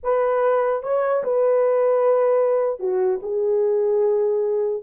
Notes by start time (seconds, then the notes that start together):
0.03 B4
0.82 C#5
1.23 B4
2.79 F#4
3.22 G#4